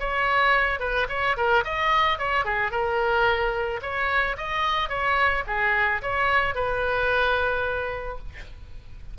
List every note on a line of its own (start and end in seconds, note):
0.00 0.80 C#5
0.80 1.07 B4
1.09 1.37 C#5
1.37 1.64 A#4
1.65 2.19 D#5
2.19 2.45 C#5
2.45 2.71 G#4
2.71 3.81 A#4
3.82 4.37 C#5
4.38 4.89 D#5
4.89 5.44 C#5
5.47 6.02 G#4
6.02 6.55 C#5
6.55 8.19 B4